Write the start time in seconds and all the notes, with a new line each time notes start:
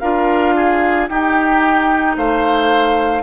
0.00 D4 F4 A#4 F5
0.56 G#4
1.09 D#4 G4 G5
2.17 A3 C5 F5